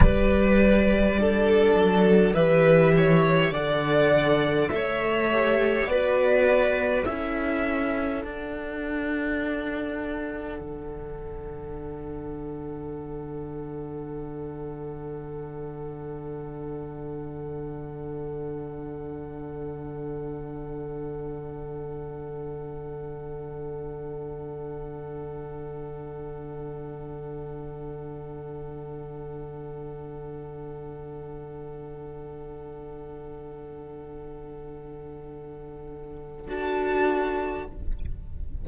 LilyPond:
<<
  \new Staff \with { instrumentName = "violin" } { \time 4/4 \tempo 4 = 51 d''2 e''4 fis''4 | e''4 d''4 e''4 fis''4~ | fis''1~ | fis''1~ |
fis''1~ | fis''1~ | fis''1~ | fis''2. a''4 | }
  \new Staff \with { instrumentName = "violin" } { \time 4/4 b'4 a'4 b'8 cis''8 d''4 | cis''4 b'4 a'2~ | a'1~ | a'1~ |
a'1~ | a'1~ | a'1~ | a'1 | }
  \new Staff \with { instrumentName = "viola" } { \time 4/4 g'4 d'4 g'4 a'4~ | a'8 g'8 fis'4 e'4 d'4~ | d'1~ | d'1~ |
d'1~ | d'1~ | d'1~ | d'2. fis'4 | }
  \new Staff \with { instrumentName = "cello" } { \time 4/4 g4. fis8 e4 d4 | a4 b4 cis'4 d'4~ | d'4 d2.~ | d1~ |
d1~ | d1~ | d1~ | d2. d'4 | }
>>